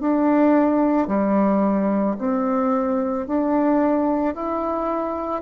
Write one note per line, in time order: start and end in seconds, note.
0.00 1.08 D4
1.08 2.17 G3
2.18 3.27 C4
3.27 4.35 D4
4.35 5.42 E4